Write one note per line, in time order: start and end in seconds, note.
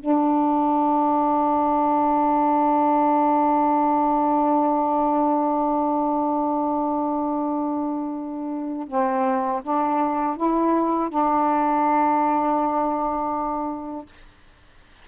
0.00 8.88 D4
8.88 9.62 C4
9.63 10.37 D4
10.37 11.10 E4
11.10 14.06 D4